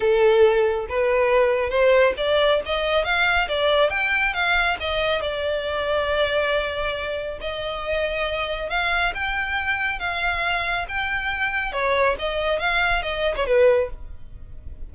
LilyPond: \new Staff \with { instrumentName = "violin" } { \time 4/4 \tempo 4 = 138 a'2 b'2 | c''4 d''4 dis''4 f''4 | d''4 g''4 f''4 dis''4 | d''1~ |
d''4 dis''2. | f''4 g''2 f''4~ | f''4 g''2 cis''4 | dis''4 f''4 dis''8. cis''16 b'4 | }